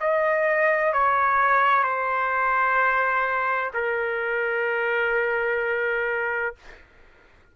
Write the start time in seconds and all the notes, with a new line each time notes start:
0.00 D#5
0.92 C#5
1.83 C5
3.73 A#4